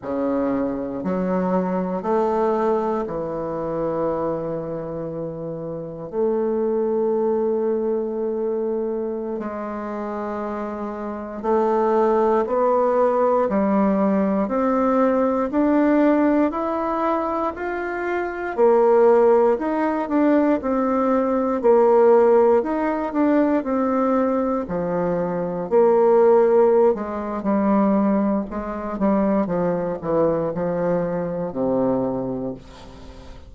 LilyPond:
\new Staff \with { instrumentName = "bassoon" } { \time 4/4 \tempo 4 = 59 cis4 fis4 a4 e4~ | e2 a2~ | a4~ a16 gis2 a8.~ | a16 b4 g4 c'4 d'8.~ |
d'16 e'4 f'4 ais4 dis'8 d'16~ | d'16 c'4 ais4 dis'8 d'8 c'8.~ | c'16 f4 ais4~ ais16 gis8 g4 | gis8 g8 f8 e8 f4 c4 | }